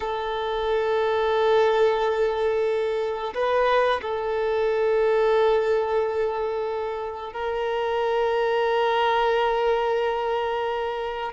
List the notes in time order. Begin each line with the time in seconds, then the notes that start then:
0.00 A4
3.34 B4
4.01 A4
7.32 A#4